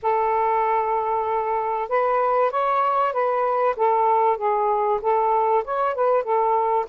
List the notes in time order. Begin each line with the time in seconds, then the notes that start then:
0.02 A4
1.88 B4
2.50 C#5
3.12 B4
3.76 A4
4.37 G#4
5.01 A4
5.64 C#5
5.95 B4
6.23 A4